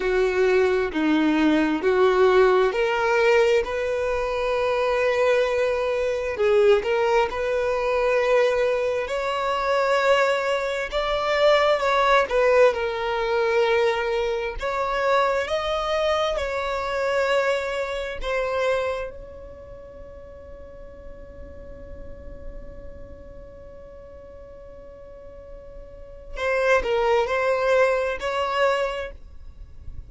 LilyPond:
\new Staff \with { instrumentName = "violin" } { \time 4/4 \tempo 4 = 66 fis'4 dis'4 fis'4 ais'4 | b'2. gis'8 ais'8 | b'2 cis''2 | d''4 cis''8 b'8 ais'2 |
cis''4 dis''4 cis''2 | c''4 cis''2.~ | cis''1~ | cis''4 c''8 ais'8 c''4 cis''4 | }